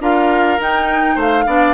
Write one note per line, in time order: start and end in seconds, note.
0.00 0.58 D4
0.00 0.59 F4
0.00 1.15 A#4
0.00 0.61 F5
0.59 1.16 D#4
0.59 1.47 D#4
0.59 1.20 G5
1.15 1.46 A3
1.15 1.44 C5
1.15 1.74 F5
1.46 1.74 B3
1.46 1.74 D4
1.46 1.74 D5